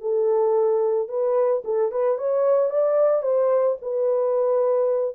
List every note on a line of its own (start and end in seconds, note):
0.00 1.08 A4
1.08 1.62 B4
1.64 1.91 A4
1.91 2.17 B4
2.17 2.70 C#5
2.70 3.22 D5
3.22 3.76 C5
3.81 5.15 B4